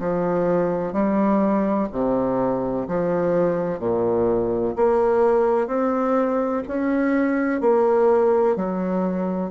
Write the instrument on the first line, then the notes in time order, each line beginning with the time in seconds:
bassoon
0.00 F3
0.93 G3
1.93 C3
2.88 F3
3.80 A#2
4.76 A#3
5.68 C4
6.68 C#4
7.61 A#3
8.57 F#3